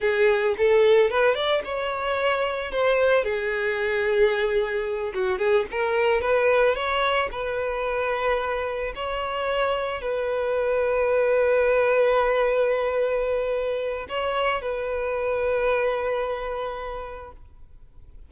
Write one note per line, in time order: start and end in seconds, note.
0.00 0.55 G#4
0.57 1.10 A4
1.10 1.34 B4
1.34 1.61 D5
1.64 2.71 C#5
2.71 3.24 C5
3.24 5.13 G#4
5.14 5.38 F#4
5.38 5.65 G#4
5.71 6.21 A#4
6.21 6.75 B4
6.75 7.29 C#5
7.31 8.93 B4
8.95 10.01 C#5
10.01 14.07 B4
14.08 14.61 C#5
14.61 17.31 B4